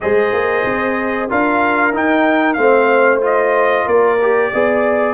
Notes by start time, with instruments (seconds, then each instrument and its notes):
0.00 tuba G#3, trombone G#4, horn C5, trumpet D#5
0.32 tuba A#3
0.65 tuba C4
1.29 tuba D4, trombone F4, horn A#4, trumpet F5
1.93 trombone D#4, tuba D#4, trumpet G5
2.53 tuba A3, trombone C4, trumpet F5
2.60 horn C5
3.21 trombone F4, trumpet D#5
3.85 tuba A#3, horn A#4, trumpet D5
4.22 trombone G4
4.52 tuba B3, trombone G#4, horn D5